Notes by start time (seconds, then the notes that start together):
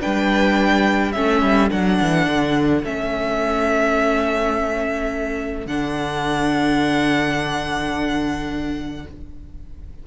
0.00 D4 B4 G5
0.06 G3
1.12 A3 C#4 A4 E5
1.42 G3
1.70 F#3 D4 F#5
2.01 E3
2.27 D3
2.84 A3 C#4 E5
5.66 D3 D4 F#5